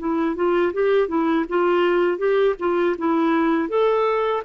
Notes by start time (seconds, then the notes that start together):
0.00 E4
0.36 F4
0.74 G4
1.08 E4
1.49 F4
2.19 G4
2.60 F4
2.99 E4
3.69 A4